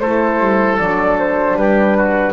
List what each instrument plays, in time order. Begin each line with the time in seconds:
0.00 double bass A3, horn E4, oboe A4, flute C5
0.39 double bass G3
0.78 double bass F#3, horn D4, flute D5
1.19 flute C5
1.54 double bass G3, oboe G4, flute B4
1.98 oboe F#4